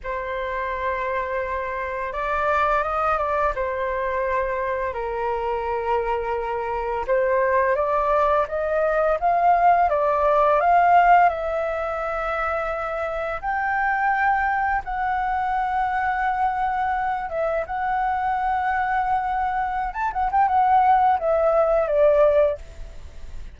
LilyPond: \new Staff \with { instrumentName = "flute" } { \time 4/4 \tempo 4 = 85 c''2. d''4 | dis''8 d''8 c''2 ais'4~ | ais'2 c''4 d''4 | dis''4 f''4 d''4 f''4 |
e''2. g''4~ | g''4 fis''2.~ | fis''8 e''8 fis''2.~ | fis''16 a''16 fis''16 g''16 fis''4 e''4 d''4 | }